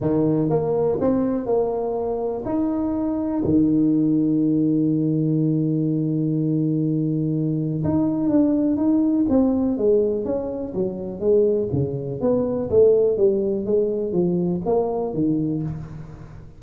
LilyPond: \new Staff \with { instrumentName = "tuba" } { \time 4/4 \tempo 4 = 123 dis4 ais4 c'4 ais4~ | ais4 dis'2 dis4~ | dis1~ | dis1 |
dis'4 d'4 dis'4 c'4 | gis4 cis'4 fis4 gis4 | cis4 b4 a4 g4 | gis4 f4 ais4 dis4 | }